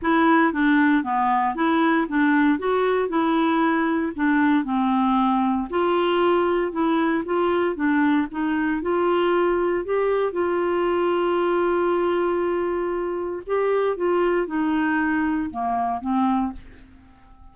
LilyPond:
\new Staff \with { instrumentName = "clarinet" } { \time 4/4 \tempo 4 = 116 e'4 d'4 b4 e'4 | d'4 fis'4 e'2 | d'4 c'2 f'4~ | f'4 e'4 f'4 d'4 |
dis'4 f'2 g'4 | f'1~ | f'2 g'4 f'4 | dis'2 ais4 c'4 | }